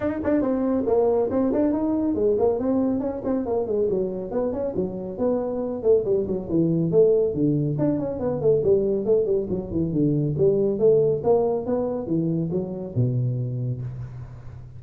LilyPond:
\new Staff \with { instrumentName = "tuba" } { \time 4/4 \tempo 4 = 139 dis'8 d'8 c'4 ais4 c'8 d'8 | dis'4 gis8 ais8 c'4 cis'8 c'8 | ais8 gis8 fis4 b8 cis'8 fis4 | b4. a8 g8 fis8 e4 |
a4 d4 d'8 cis'8 b8 a8 | g4 a8 g8 fis8 e8 d4 | g4 a4 ais4 b4 | e4 fis4 b,2 | }